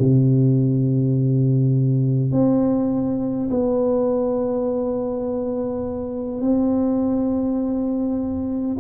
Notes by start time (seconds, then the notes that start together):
0.00 C3
2.32 C4
3.51 B3
6.42 C4